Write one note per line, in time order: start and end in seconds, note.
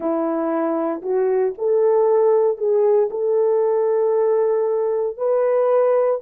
0.00 1.01 E4
1.02 1.53 F#4
1.58 2.57 A4
2.57 3.09 G#4
3.10 5.17 A4
5.17 6.20 B4